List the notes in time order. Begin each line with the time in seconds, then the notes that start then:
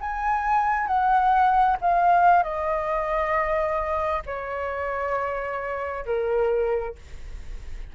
0.00 G#5
0.87 F#5
1.81 F5
2.43 D#5
4.26 C#5
6.05 A#4